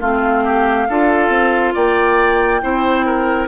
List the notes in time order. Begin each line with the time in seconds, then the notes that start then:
0.00 A3 C4 F4 F5
0.44 G4
0.89 D4 F4 A4
1.29 C4
1.74 A#3 D5 G5
2.61 C4 E4 C5
3.06 A#4